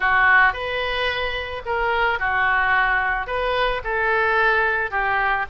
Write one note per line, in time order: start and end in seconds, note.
0.00 0.53 F#4
0.53 1.62 B4
1.65 2.19 A#4
2.19 3.27 F#4
3.27 3.81 B4
3.84 4.91 A4
4.91 5.45 G4